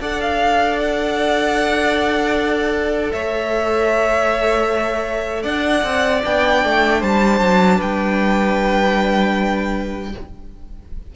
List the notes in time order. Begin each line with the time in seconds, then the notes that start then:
0.00 D4 A4 D5 F#5
0.21 F5
0.79 F#5
3.12 A3 C#5 E5
5.43 D4 D5 F#5
5.84 C4
6.22 B3 D4 G5
6.64 A3
7.00 G3 C5 A5
7.41 F#3
7.77 G3 B4 G5